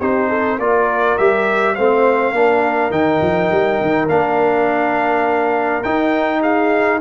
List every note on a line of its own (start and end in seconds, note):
0.00 0.58 C4
0.00 0.60 D#4
0.00 0.29 G4
0.00 0.59 C5
0.29 0.58 A4
0.58 1.17 A#3
0.58 1.19 F4
0.58 1.76 A#4
0.58 1.18 D5
1.18 1.78 G3
1.18 1.77 G4
1.18 1.75 E5
1.75 2.33 A3
1.75 2.35 C4
1.75 2.32 C5
1.75 2.92 F5
2.32 2.91 A#3
2.32 2.92 D4
2.32 6.40 A#4
2.91 3.20 D#3
2.91 4.08 D#4
2.91 4.08 G5
3.21 3.51 F3
3.52 3.81 G3
3.81 4.09 D#3
4.09 5.84 A#3
4.09 5.84 D4
4.09 5.83 F5
5.83 7.01 D#4
5.83 6.42 G5
6.41 7.00 G#4
6.41 7.01 F5